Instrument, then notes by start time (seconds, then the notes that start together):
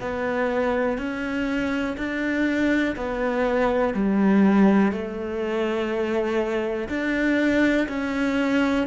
cello
0.00 B3
0.98 C#4
1.97 D4
2.96 B3
3.94 G3
4.92 A3
6.89 D4
7.88 C#4